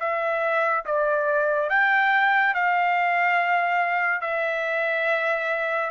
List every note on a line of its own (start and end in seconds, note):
0.00 0.85 E5
0.85 1.70 D5
1.70 2.54 G5
2.54 4.21 F5
4.21 5.90 E5